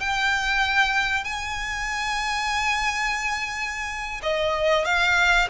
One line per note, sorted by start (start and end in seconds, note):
0.00 1.24 G5
1.24 4.21 G#5
4.22 4.85 D#5
4.85 5.47 F5